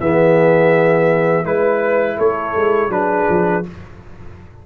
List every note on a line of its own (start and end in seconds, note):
0.00 1.44 E3
0.00 1.44 B3
0.00 1.45 G#4
0.00 1.45 E5
1.44 2.18 G#3
1.44 2.90 E4
1.44 2.18 B4
1.44 2.17 B4
2.17 2.55 A3
2.17 2.90 A4
2.17 2.91 C#5
2.55 2.88 G#3
2.88 3.25 F#3
2.88 3.63 D4
2.88 3.66 G#4
2.88 3.64 B4
3.29 3.65 F3